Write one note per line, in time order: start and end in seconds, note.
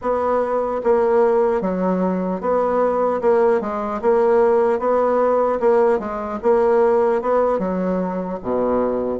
0.01 0.81 B3
0.83 1.61 A#3
1.61 2.40 F#3
2.40 3.20 B3
3.21 3.60 A#3
3.60 4.00 G#3
4.01 4.79 A#3
4.79 5.59 B3
5.60 5.99 A#3
5.99 6.39 G#3
6.42 7.21 A#3
7.21 7.59 B3
7.59 8.39 F#3
8.42 9.19 B2